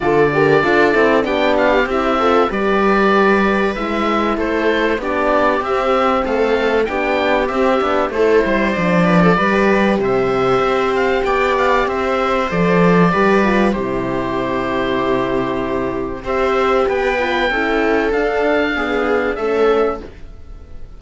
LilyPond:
<<
  \new Staff \with { instrumentName = "oboe" } { \time 4/4 \tempo 4 = 96 d''2 g''8 f''8 e''4 | d''2 e''4 c''4 | d''4 e''4 f''4 g''4 | e''4 c''4 d''2 |
e''4. f''8 g''8 f''8 e''4 | d''2 c''2~ | c''2 e''4 g''4~ | g''4 f''2 e''4 | }
  \new Staff \with { instrumentName = "viola" } { \time 4/4 a'8 ais'8 a'4 g'4. a'8 | b'2. a'4 | g'2 a'4 g'4~ | g'4 a'8 c''4 b'16 a'16 b'4 |
c''2 d''4 c''4~ | c''4 b'4 g'2~ | g'2 c''4 b'4 | a'2 gis'4 a'4 | }
  \new Staff \with { instrumentName = "horn" } { \time 4/4 f'8 g'8 f'8 e'8 d'4 e'8 f'8 | g'2 e'2 | d'4 c'2 d'4 | c'8 d'8 e'4 d'4 g'4~ |
g'1 | a'4 g'8 f'8 e'2~ | e'2 g'4. f'8 | e'4 d'4 b4 cis'4 | }
  \new Staff \with { instrumentName = "cello" } { \time 4/4 d4 d'8 c'8 b4 c'4 | g2 gis4 a4 | b4 c'4 a4 b4 | c'8 b8 a8 g8 f4 g4 |
c4 c'4 b4 c'4 | f4 g4 c2~ | c2 c'4 b4 | cis'4 d'2 a4 | }
>>